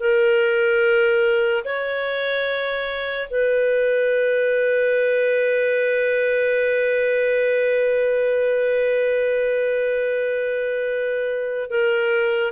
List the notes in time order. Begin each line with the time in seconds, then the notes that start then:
0.00 A#4
1.65 C#5
3.30 B4
11.70 A#4